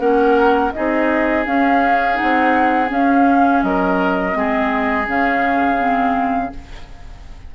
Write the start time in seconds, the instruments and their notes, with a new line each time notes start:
0.00 bassoon A#3, clarinet C#4, oboe A#4, flute F#5
0.73 bassoon C4, clarinet D#4, oboe G#4, flute D#5
1.46 clarinet C#4, bassoon C#4, flute F5
2.14 clarinet D#4, flute F#5
2.23 bassoon C4
2.89 clarinet C#4, bassoon C#4, flute F5
3.63 bassoon F#3, oboe A#4, flute D#5
4.33 bassoon G#3, clarinet C4, oboe G#4
5.08 bassoon C#3, clarinet C#4, flute F5
5.78 clarinet C4